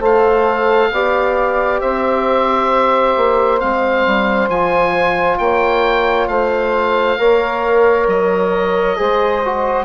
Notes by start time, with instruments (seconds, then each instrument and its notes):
0.00 bassoon A3, trombone A4, saxophone C5, oboe F5
0.92 bassoon B3, trombone G4, saxophone D5
1.81 bassoon C4, saxophone C5, oboe E5
3.17 bassoon A#3
3.60 bassoon G#3, trombone C4, oboe F5
4.07 bassoon G3
4.50 bassoon F3, trombone F4, oboe G#5
5.39 bassoon A#3, saxophone C#5, oboe G5
6.28 bassoon A3, saxophone C5, oboe F5
7.19 bassoon A#3, trombone A#4, saxophone C#5
8.08 bassoon F#3, oboe D#5
8.97 bassoon G#3, trombone G#4, saxophone C5
9.45 trombone F#4